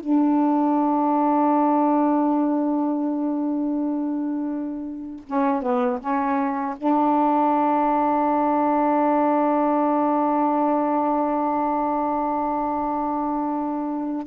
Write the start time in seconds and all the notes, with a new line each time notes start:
0.00 D4
5.26 C#4
5.62 B3
6.00 C#4
6.77 D4